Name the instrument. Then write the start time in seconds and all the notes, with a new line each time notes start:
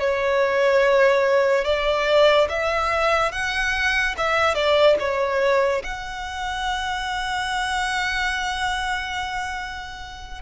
violin
0.00 C#5
1.65 D5
2.49 E5
3.32 F#5
4.18 E5
4.55 D5
5.00 C#5
5.84 F#5